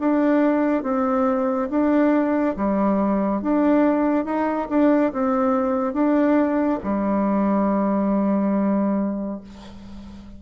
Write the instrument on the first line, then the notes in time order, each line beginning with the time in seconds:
bassoon
0.00 D4
0.83 C4
1.71 D4
2.56 G3
3.42 D4
4.25 D#4
4.69 D4
5.13 C4
5.94 D4
6.83 G3